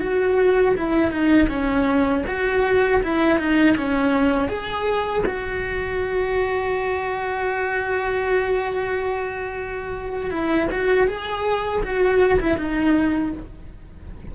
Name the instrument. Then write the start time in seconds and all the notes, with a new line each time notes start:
cello
0.00 F#4
0.77 E4
1.10 D#4
1.49 C#4
2.26 F#4
3.03 E4
3.39 D#4
3.77 C#4
4.48 G#4
5.26 F#4
10.31 E4
10.71 F#4
11.07 G#4
11.83 F#4
12.40 E4
12.57 D#4